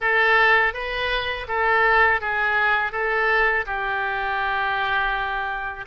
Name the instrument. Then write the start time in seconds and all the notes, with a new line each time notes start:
oboe
0.00 A4
0.73 B4
1.47 A4
2.20 G#4
2.92 A4
3.66 G4